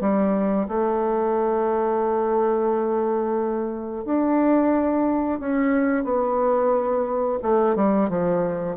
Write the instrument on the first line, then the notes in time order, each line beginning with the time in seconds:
bassoon
0.00 G3
0.68 A3
4.05 D4
5.39 C#4
6.04 B3
7.42 A3
7.75 G3
8.09 F3